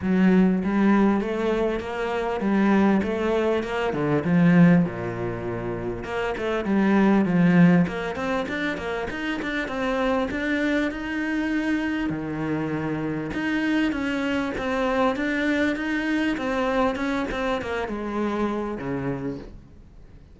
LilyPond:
\new Staff \with { instrumentName = "cello" } { \time 4/4 \tempo 4 = 99 fis4 g4 a4 ais4 | g4 a4 ais8 d8 f4 | ais,2 ais8 a8 g4 | f4 ais8 c'8 d'8 ais8 dis'8 d'8 |
c'4 d'4 dis'2 | dis2 dis'4 cis'4 | c'4 d'4 dis'4 c'4 | cis'8 c'8 ais8 gis4. cis4 | }